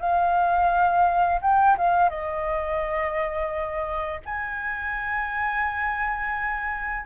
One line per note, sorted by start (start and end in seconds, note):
0.00 1.41 F5
1.42 1.77 G5
1.78 2.10 F5
2.10 4.22 D#5
4.26 7.07 G#5